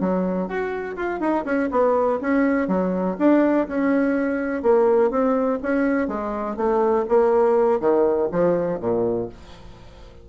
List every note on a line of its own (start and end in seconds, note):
0.00 0.48 F#3
0.48 0.96 F#4
0.96 1.20 F4
1.20 1.45 D#4
1.45 1.70 C#4
1.71 2.20 B3
2.21 2.68 C#4
2.68 3.17 F#3
3.18 3.67 D4
3.68 4.63 C#4
4.63 5.10 A#3
5.10 5.59 C4
5.63 6.08 C#4
6.08 6.57 G#3
6.57 7.05 A3
7.08 7.80 A#3
7.80 8.29 D#3
8.32 8.80 F3
8.80 9.29 A#2